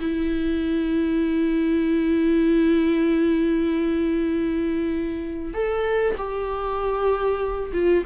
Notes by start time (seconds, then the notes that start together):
0.00 E4
5.53 A4
6.17 G4
7.73 F4